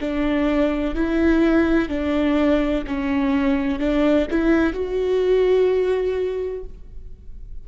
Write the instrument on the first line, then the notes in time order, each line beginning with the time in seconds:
viola
0.00 D4
0.95 E4
1.89 D4
2.87 C#4
3.80 D4
4.31 E4
4.74 F#4